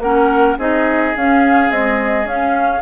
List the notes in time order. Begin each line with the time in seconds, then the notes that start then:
0.00 A#3 C#4 A#4 F#5
0.59 C4 D#4 G#4 D#5
1.17 C#4 F5
1.70 G#3 C4 D#5
2.25 C#4 F5